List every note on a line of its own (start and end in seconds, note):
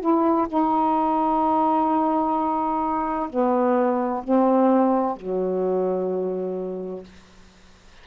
0.00 0.47 E4
0.48 3.29 D#4
3.29 4.23 B3
4.23 5.16 C4
5.16 7.04 F#3